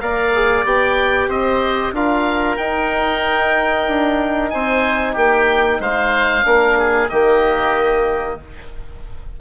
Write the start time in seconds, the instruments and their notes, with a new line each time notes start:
0.00 bassoon A#3, trombone A#4, oboe D5 F5
0.35 trombone G#4
0.64 bassoon B3, trombone G4, oboe G5
1.28 bassoon C4, oboe C5 D#5
1.92 bassoon D4, trombone F4, oboe A#4 F5
2.57 trombone D#4, bassoon D#4, oboe G5
3.87 bassoon D4
4.50 bassoon C4, oboe C5 G#5
5.13 bassoon A#3, oboe G4 G5
5.80 bassoon G#3, oboe C5 F5
6.43 bassoon A#3, trombone D4, oboe A#4
6.78 oboe G#4
7.09 bassoon D#3, trombone A#3, oboe G4 D#5